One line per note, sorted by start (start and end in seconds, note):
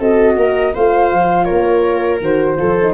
0.00 0.37 C4
0.00 0.76 F#4
0.00 0.37 A4
0.00 0.75 D#5
0.37 0.74 A#3
0.37 0.75 A#4
0.75 1.13 A3
0.75 2.23 F4
0.75 1.45 C5
0.75 1.45 F5
1.13 1.50 F3
1.45 2.56 A#4
1.45 2.19 C#5
1.52 2.21 A#3
2.21 2.58 D#3
2.21 2.58 F#4
2.21 2.95 C5
2.58 2.95 F3
2.58 2.76 F4
2.58 2.95 A4
2.82 2.95 D#4